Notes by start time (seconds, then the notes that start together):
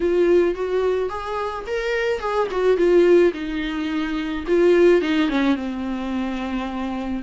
0.00 F4
0.54 F#4
1.09 G#4
1.66 A#4
2.19 G#4
2.51 F#4
2.77 F4
3.33 D#4
4.47 F4
5.01 D#4
5.29 C#4
5.55 C4